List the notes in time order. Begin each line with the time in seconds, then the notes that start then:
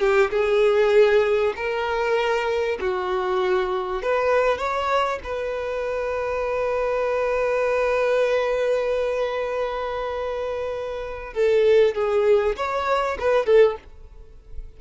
0.00 G4
0.31 G#4
1.56 A#4
2.81 F#4
4.02 B4
4.58 C#5
5.24 B4
11.34 A4
11.95 G#4
12.56 C#5
13.19 B4
13.46 A4